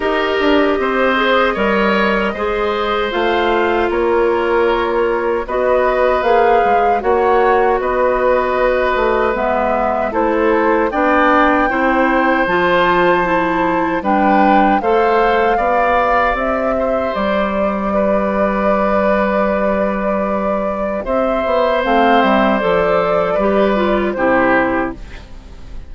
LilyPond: <<
  \new Staff \with { instrumentName = "flute" } { \time 4/4 \tempo 4 = 77 dis''1 | f''4 cis''2 dis''4 | f''4 fis''4 dis''2 | e''4 c''4 g''2 |
a''2 g''4 f''4~ | f''4 e''4 d''2~ | d''2. e''4 | f''8 e''8 d''2 c''4 | }
  \new Staff \with { instrumentName = "oboe" } { \time 4/4 ais'4 c''4 cis''4 c''4~ | c''4 ais'2 b'4~ | b'4 cis''4 b'2~ | b'4 a'4 d''4 c''4~ |
c''2 b'4 c''4 | d''4. c''4. b'4~ | b'2. c''4~ | c''2 b'4 g'4 | }
  \new Staff \with { instrumentName = "clarinet" } { \time 4/4 g'4. gis'8 ais'4 gis'4 | f'2. fis'4 | gis'4 fis'2. | b4 e'4 d'4 e'4 |
f'4 e'4 d'4 a'4 | g'1~ | g'1 | c'4 a'4 g'8 f'8 e'4 | }
  \new Staff \with { instrumentName = "bassoon" } { \time 4/4 dis'8 d'8 c'4 g4 gis4 | a4 ais2 b4 | ais8 gis8 ais4 b4. a8 | gis4 a4 b4 c'4 |
f2 g4 a4 | b4 c'4 g2~ | g2. c'8 b8 | a8 g8 f4 g4 c4 | }
>>